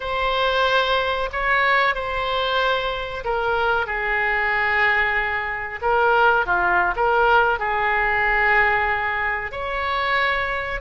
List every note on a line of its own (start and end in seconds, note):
0.00 1.29 C5
1.32 1.94 C#5
1.94 3.23 C5
3.24 3.86 A#4
3.86 5.80 G#4
5.81 6.45 A#4
6.45 6.94 F4
6.96 7.59 A#4
7.59 9.51 G#4
9.51 10.80 C#5